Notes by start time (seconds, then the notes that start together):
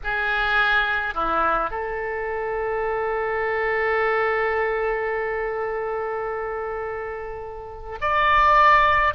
0.03 G#4
1.14 E4
1.70 A4
8.00 D5